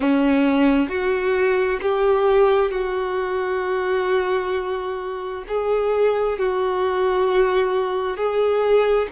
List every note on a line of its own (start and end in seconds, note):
0.00 0.88 C#4
0.88 1.79 F#4
1.81 2.71 G4
2.71 5.43 F#4
5.48 6.38 G#4
6.38 8.16 F#4
8.16 9.07 G#4